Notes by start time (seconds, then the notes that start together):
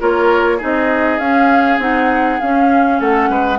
0.00 A#3 F4 A#4 C#5
0.58 C4 D#4 G#4
0.64 D#5
1.19 C#4 F5
1.79 C4 D#4 F#5
2.41 C#4 F5
3.00 A3 A4 F#5
3.30 G#3 B4